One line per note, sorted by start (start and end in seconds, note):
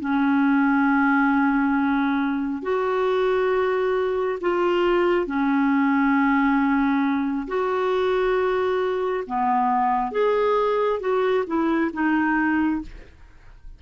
0.00 2.63 C#4
2.63 4.39 F#4
4.41 5.27 F4
5.27 7.47 C#4
7.48 9.24 F#4
9.27 10.12 B3
10.12 11.00 G#4
11.01 11.45 F#4
11.47 11.91 E4
11.94 12.82 D#4